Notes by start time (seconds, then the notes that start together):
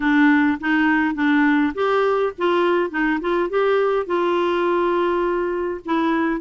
0.00 D4
0.60 D#4
1.15 D4
1.74 G4
2.38 F4
2.90 D#4
3.20 F4
3.50 G4
4.06 F4
5.85 E4